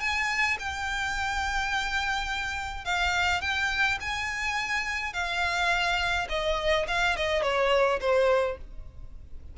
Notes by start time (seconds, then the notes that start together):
0.00 G#5
0.59 G5
2.85 F5
3.41 G5
4.01 G#5
5.13 F5
6.29 D#5
6.88 F5
7.16 D#5
7.42 C#5
8.00 C5